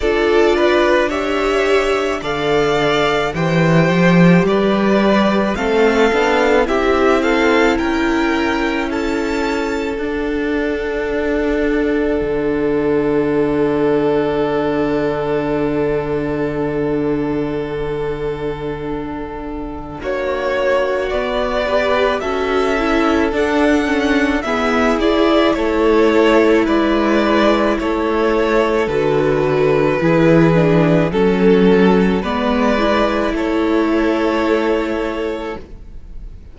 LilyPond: <<
  \new Staff \with { instrumentName = "violin" } { \time 4/4 \tempo 4 = 54 d''4 e''4 f''4 g''4 | d''4 f''4 e''8 f''8 g''4 | a''4 fis''2.~ | fis''1~ |
fis''2 cis''4 d''4 | e''4 fis''4 e''8 d''8 cis''4 | d''4 cis''4 b'2 | a'4 d''4 cis''2 | }
  \new Staff \with { instrumentName = "violin" } { \time 4/4 a'8 b'8 cis''4 d''4 c''4 | b'4 a'4 g'8 a'8 ais'4 | a'1~ | a'1~ |
a'2 fis'4. b'8 | a'2 gis'4 a'4 | b'4 a'2 gis'4 | a'4 b'4 a'2 | }
  \new Staff \with { instrumentName = "viola" } { \time 4/4 f'4 g'4 a'4 g'4~ | g'4 c'8 d'8 e'2~ | e'4 d'2.~ | d'1~ |
d'2. b8 g'8 | fis'8 e'8 d'8 cis'8 b8 e'4.~ | e'2 fis'4 e'8 d'8 | cis'4 b8 e'2~ e'8 | }
  \new Staff \with { instrumentName = "cello" } { \time 4/4 d'2 d4 e8 f8 | g4 a8 b8 c'4 cis'4~ | cis'4 d'2 d4~ | d1~ |
d2 ais4 b4 | cis'4 d'4 e'4 a4 | gis4 a4 d4 e4 | fis4 gis4 a2 | }
>>